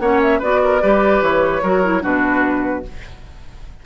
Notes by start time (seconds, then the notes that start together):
0.00 A#3 C#4 C#5 F#5
0.22 E5
0.39 B3 F#4 B4 D5
0.64 A#4
0.82 G3 G4 B4
1.22 E3 C#5
1.63 F#3 F#4 A#4
1.84 E4
2.02 B2 D4 F#4 B4